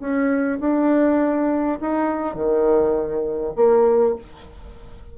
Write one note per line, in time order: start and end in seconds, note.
0.00 0.59 C#4
0.60 1.79 D4
1.81 2.35 D#4
2.35 3.54 D#3
3.56 4.16 A#3